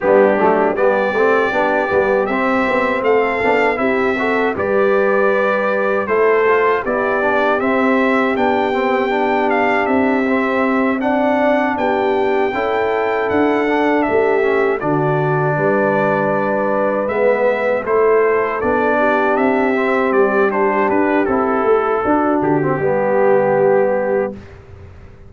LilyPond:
<<
  \new Staff \with { instrumentName = "trumpet" } { \time 4/4 \tempo 4 = 79 g'4 d''2 e''4 | f''4 e''4 d''2 | c''4 d''4 e''4 g''4~ | g''8 f''8 e''4. fis''4 g''8~ |
g''4. fis''4 e''4 d''8~ | d''2~ d''8 e''4 c''8~ | c''8 d''4 e''4 d''8 c''8 b'8 | a'4. g'2~ g'8 | }
  \new Staff \with { instrumentName = "horn" } { \time 4/4 d'4 g'2. | a'4 g'8 a'8 b'2 | a'4 g'2.~ | g'2~ g'8 d''4 g'8~ |
g'8 a'2 g'4 fis'8~ | fis'8 b'2. a'8~ | a'4 g'2.~ | g'4 fis'4 g'2 | }
  \new Staff \with { instrumentName = "trombone" } { \time 4/4 b8 a8 b8 c'8 d'8 b8 c'4~ | c'8 d'8 e'8 fis'8 g'2 | e'8 f'8 e'8 d'8 c'4 d'8 c'8 | d'4. c'4 d'4.~ |
d'8 e'4. d'4 cis'8 d'8~ | d'2~ d'8 b4 e'8~ | e'8 d'4. c'4 d'4 | e'4 d'8. c'16 b2 | }
  \new Staff \with { instrumentName = "tuba" } { \time 4/4 g8 fis8 g8 a8 b8 g8 c'8 b8 | a8 b8 c'4 g2 | a4 b4 c'4 b4~ | b4 c'2~ c'8 b8~ |
b8 cis'4 d'4 a4 d8~ | d8 g2 gis4 a8~ | a8 b4 c'4 g4 d'8 | c'8 a8 d'8 d8 g2 | }
>>